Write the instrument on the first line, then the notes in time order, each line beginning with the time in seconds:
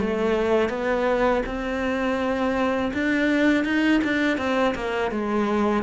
cello
0.00 A3
0.69 B3
1.46 C4
2.94 D4
3.65 D#4
4.04 D4
4.38 C4
4.75 A#3
5.11 G#3